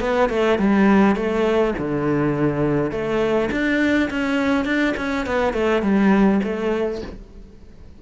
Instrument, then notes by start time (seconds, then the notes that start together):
cello
0.00 B3
0.29 A3
0.58 G3
1.16 A3
1.78 D3
2.91 A3
3.51 D4
4.10 C#4
4.65 D4
4.97 C#4
5.26 B3
5.53 A3
5.82 G3
6.43 A3